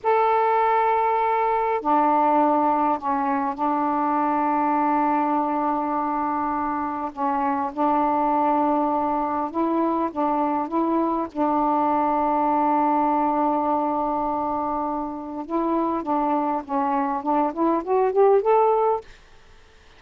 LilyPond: \new Staff \with { instrumentName = "saxophone" } { \time 4/4 \tempo 4 = 101 a'2. d'4~ | d'4 cis'4 d'2~ | d'1 | cis'4 d'2. |
e'4 d'4 e'4 d'4~ | d'1~ | d'2 e'4 d'4 | cis'4 d'8 e'8 fis'8 g'8 a'4 | }